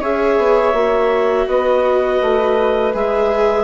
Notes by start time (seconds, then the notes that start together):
0.00 C#4 G#4 C#5 E5
0.37 B3
0.73 A#3 F#4
1.47 B3 B4 D#5
2.21 A3
2.93 G#3 G#4 E5